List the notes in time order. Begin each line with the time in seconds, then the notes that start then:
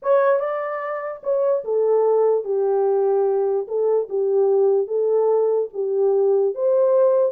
0.02 C#5
0.39 D5
1.23 C#5
1.64 A4
2.44 G4
3.67 A4
4.09 G4
4.87 A4
5.73 G4
6.54 C5